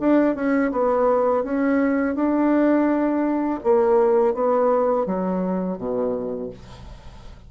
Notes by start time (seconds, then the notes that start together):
0.00 D4
0.35 C#4
0.72 B3
1.44 C#4
2.15 D4
3.63 A#3
4.34 B3
5.06 F#3
5.78 B2